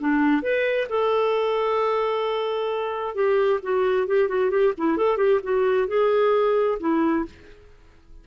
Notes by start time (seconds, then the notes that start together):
0.00 D4
0.42 B4
0.89 A4
3.15 G4
3.63 F#4
4.07 G4
4.29 F#4
4.50 G4
4.78 E4
4.97 A4
5.17 G4
5.43 F#4
5.88 G#4
6.80 E4